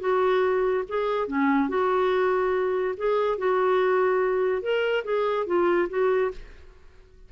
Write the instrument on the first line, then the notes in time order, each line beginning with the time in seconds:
clarinet
0.00 F#4
0.88 G#4
1.28 C#4
1.69 F#4
2.97 G#4
3.38 F#4
4.62 A#4
5.04 G#4
5.46 F4
5.89 F#4